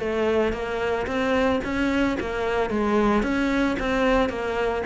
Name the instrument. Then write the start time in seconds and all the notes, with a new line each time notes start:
cello
0.00 A3
0.53 A#3
1.07 C4
1.64 C#4
2.20 A#3
2.70 G#3
3.23 C#4
3.79 C4
4.30 A#3